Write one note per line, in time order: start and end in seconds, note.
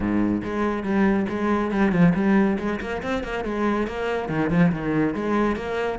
0.00 0.41 G#2
0.43 0.83 G#3
0.83 1.25 G3
1.28 1.71 G#3
1.71 1.91 G3
1.91 2.13 F3
2.14 2.57 G3
2.58 2.80 G#3
2.80 3.02 A#3
3.02 3.23 C4
3.23 3.44 A#3
3.44 3.87 G#3
3.87 4.28 A#3
4.28 4.50 D#3
4.50 4.71 F3
4.71 5.14 D#3
5.14 5.56 G#3
5.56 5.98 A#3